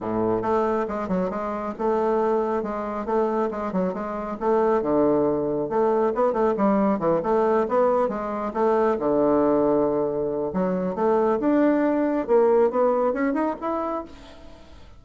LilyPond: \new Staff \with { instrumentName = "bassoon" } { \time 4/4 \tempo 4 = 137 a,4 a4 gis8 fis8 gis4 | a2 gis4 a4 | gis8 fis8 gis4 a4 d4~ | d4 a4 b8 a8 g4 |
e8 a4 b4 gis4 a8~ | a8 d2.~ d8 | fis4 a4 d'2 | ais4 b4 cis'8 dis'8 e'4 | }